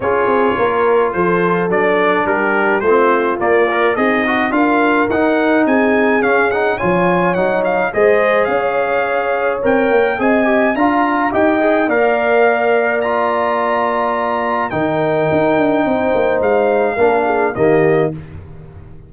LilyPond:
<<
  \new Staff \with { instrumentName = "trumpet" } { \time 4/4 \tempo 4 = 106 cis''2 c''4 d''4 | ais'4 c''4 d''4 dis''4 | f''4 fis''4 gis''4 f''8 fis''8 | gis''4 fis''8 f''8 dis''4 f''4~ |
f''4 g''4 gis''4 ais''4 | g''4 f''2 ais''4~ | ais''2 g''2~ | g''4 f''2 dis''4 | }
  \new Staff \with { instrumentName = "horn" } { \time 4/4 gis'4 ais'4 a'2 | g'4 f'2 dis'4 | ais'2 gis'2 | cis''2 c''4 cis''4~ |
cis''2 dis''4 f''4 | dis''4 d''2.~ | d''2 ais'2 | c''2 ais'8 gis'8 g'4 | }
  \new Staff \with { instrumentName = "trombone" } { \time 4/4 f'2. d'4~ | d'4 c'4 ais8 ais'8 gis'8 fis'8 | f'4 dis'2 cis'8 dis'8 | f'4 dis'4 gis'2~ |
gis'4 ais'4 gis'8 g'8 f'4 | g'8 gis'8 ais'2 f'4~ | f'2 dis'2~ | dis'2 d'4 ais4 | }
  \new Staff \with { instrumentName = "tuba" } { \time 4/4 cis'8 c'8 ais4 f4 fis4 | g4 a4 ais4 c'4 | d'4 dis'4 c'4 cis'4 | f4 fis4 gis4 cis'4~ |
cis'4 c'8 ais8 c'4 d'4 | dis'4 ais2.~ | ais2 dis4 dis'8 d'8 | c'8 ais8 gis4 ais4 dis4 | }
>>